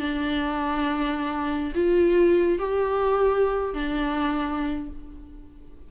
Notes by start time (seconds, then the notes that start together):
0.00 D4
1.75 F4
2.59 G4
3.74 D4